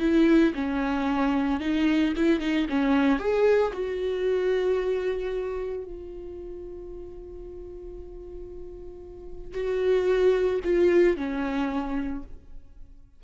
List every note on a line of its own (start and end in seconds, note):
0.00 0.53 E4
0.55 1.60 C#4
1.60 2.14 D#4
2.16 2.40 E4
2.40 2.67 D#4
2.69 3.19 C#4
3.19 3.72 G#4
3.73 5.85 F#4
5.85 9.54 F4
9.54 10.60 F#4
10.64 11.17 F4
11.17 12.23 C#4